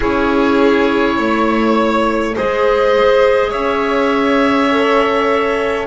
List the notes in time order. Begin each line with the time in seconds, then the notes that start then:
0.00 C#4 E4 G#4 C#5
1.16 A3 C#5
2.35 G#3 G#4 C5 D#5
3.50 C#4 C#5 E5
4.71 A4